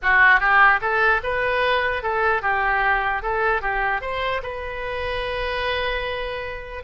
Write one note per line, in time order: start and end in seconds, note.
0.02 0.40 F#4
0.40 0.80 G4
0.81 1.21 A4
1.23 2.02 B4
2.02 2.42 A4
2.42 3.22 G4
3.22 3.61 A4
3.61 4.01 G4
4.01 4.41 C5
4.43 6.83 B4